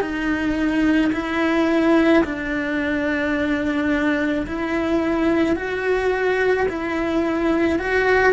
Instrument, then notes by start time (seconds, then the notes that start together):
cello
0.00 D#4
1.13 E4
2.24 D4
4.46 E4
5.56 F#4
6.68 E4
7.79 F#4